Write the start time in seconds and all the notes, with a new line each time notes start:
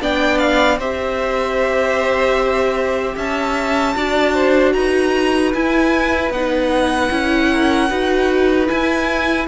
0.00 B3 D4 D5 G5
0.38 F5
0.78 C4 G4 C5 E5
3.15 C#4 E5 A5
3.96 D4 F#4 D5
4.34 C5
4.73 D#4 B4 A#5
5.53 E4 G#5
6.30 B3 D#4 F#5
7.10 C#4 E4
7.51 A#4
7.89 D#4 F#4 B4
8.66 E4 G#5